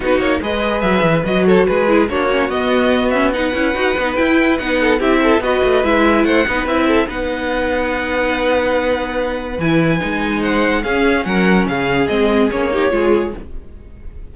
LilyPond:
<<
  \new Staff \with { instrumentName = "violin" } { \time 4/4 \tempo 4 = 144 b'8 cis''8 dis''4 e''4 dis''8 cis''8 | b'4 cis''4 dis''4. e''8 | fis''2 g''4 fis''4 | e''4 dis''4 e''4 fis''4 |
e''4 fis''2.~ | fis''2. gis''4~ | gis''4 fis''4 f''4 fis''4 | f''4 dis''4 cis''2 | }
  \new Staff \with { instrumentName = "violin" } { \time 4/4 fis'4 b'2~ b'8 a'8 | gis'4 fis'2. | b'2.~ b'8 a'8 | g'8 a'8 b'2 c''8 b'8~ |
b'8 a'8 b'2.~ | b'1~ | b'4 c''4 gis'4 ais'4 | gis'2~ gis'8 g'8 gis'4 | }
  \new Staff \with { instrumentName = "viola" } { \time 4/4 dis'4 gis'2 fis'4~ | fis'8 e'8 d'8 cis'8 b4. cis'8 | dis'8 e'8 fis'8 dis'8 e'4 dis'4 | e'4 fis'4 e'4. dis'8 |
e'4 dis'2.~ | dis'2. e'4 | dis'2 cis'2~ | cis'4 c'4 cis'8 dis'8 f'4 | }
  \new Staff \with { instrumentName = "cello" } { \time 4/4 b8 ais8 gis4 fis8 e8 fis4 | gis4 ais4 b2~ | b8 cis'8 dis'8 b8 e'4 b4 | c'4 b8 a8 gis4 a8 b8 |
c'4 b2.~ | b2. e4 | gis2 cis'4 fis4 | cis4 gis4 ais4 gis4 | }
>>